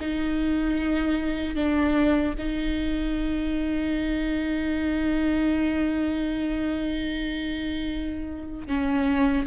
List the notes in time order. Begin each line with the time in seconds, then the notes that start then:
0.00 D#4
1.55 D4
2.38 D#4
8.67 C#4